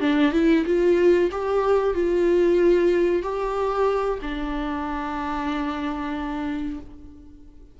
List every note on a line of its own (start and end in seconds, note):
0.00 0.32 D4
0.32 0.65 E4
0.65 1.30 F4
1.31 1.94 G4
1.94 3.22 F4
3.22 4.19 G4
4.21 6.79 D4